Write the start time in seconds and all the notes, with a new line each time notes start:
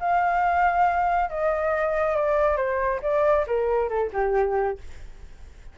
0.00 F5
1.30 D#5
2.16 D5
2.57 C5
3.03 D5
3.47 A#4
3.89 A4
4.13 G4